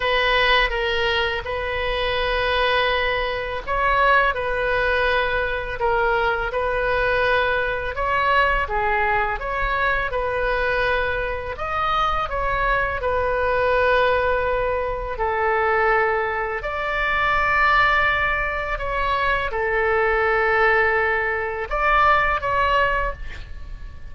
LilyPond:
\new Staff \with { instrumentName = "oboe" } { \time 4/4 \tempo 4 = 83 b'4 ais'4 b'2~ | b'4 cis''4 b'2 | ais'4 b'2 cis''4 | gis'4 cis''4 b'2 |
dis''4 cis''4 b'2~ | b'4 a'2 d''4~ | d''2 cis''4 a'4~ | a'2 d''4 cis''4 | }